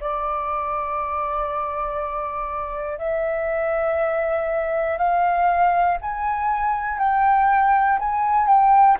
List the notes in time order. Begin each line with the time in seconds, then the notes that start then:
0.00 D5
2.98 E5
4.98 F5
6.01 G#5
6.98 G5
7.99 G#5
8.47 G5